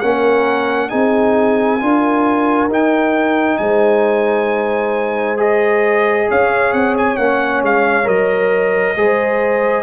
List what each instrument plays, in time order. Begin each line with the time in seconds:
0.00 tuba A#3, trombone C#4, horn A#4, trumpet F#5
0.89 tuba C4, trombone D#4, horn G#4, trumpet G#5
1.80 tuba D4, trombone F4, horn A#4
2.68 tuba D#4, trombone D#4, trumpet G5
3.57 tuba G#3, horn C5, trumpet G#5
5.37 trombone G#4, trumpet D#5
6.29 tuba C#4, horn C#5, trumpet F5
6.72 tuba C4, trumpet F#5
6.98 trumpet G#5
7.17 tuba A#3, trombone C#4, trumpet F#5
7.62 tuba G#3, trumpet F5
8.04 tuba F#3, trombone A#4, trumpet D#5
8.96 tuba G#3, trombone G#4, horn C5